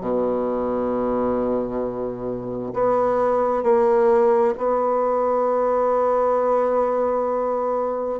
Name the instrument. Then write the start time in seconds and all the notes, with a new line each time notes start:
bassoon
0.00 B2
2.73 B3
3.63 A#3
4.57 B3